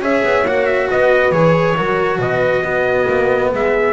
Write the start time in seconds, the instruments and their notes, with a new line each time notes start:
0.00 double bass C#4, cello G#4, horn C#5, trumpet E5
0.24 double bass B3
0.44 double bass A#3, cello F#4, trumpet F#5
0.66 trumpet E5
0.89 double bass B3, horn B4, trumpet D#5
1.31 double bass E3, cello G#4, trumpet C#5
1.76 double bass F#3, cello F#4, horn A#4
2.18 double bass B2, horn B4, trumpet D#5
2.62 double bass B3, cello B3, horn F#4
3.09 double bass A#3
3.52 double bass G#3, horn G#4, trumpet E5